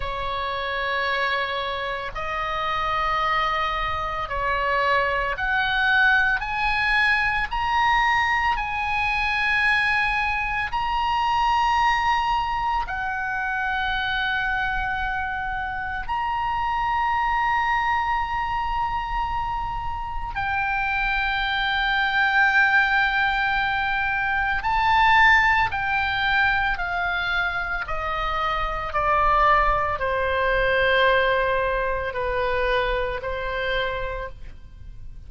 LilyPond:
\new Staff \with { instrumentName = "oboe" } { \time 4/4 \tempo 4 = 56 cis''2 dis''2 | cis''4 fis''4 gis''4 ais''4 | gis''2 ais''2 | fis''2. ais''4~ |
ais''2. g''4~ | g''2. a''4 | g''4 f''4 dis''4 d''4 | c''2 b'4 c''4 | }